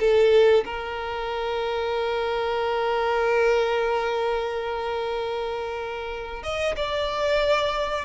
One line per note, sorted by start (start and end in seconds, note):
0.00 0.65 A4
0.65 6.43 A#4
6.43 6.75 D#5
6.76 8.05 D5